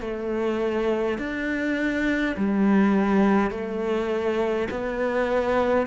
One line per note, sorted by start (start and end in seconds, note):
0.00 1.18 A3
1.18 2.35 D4
2.36 3.50 G3
3.50 4.68 A3
4.70 5.86 B3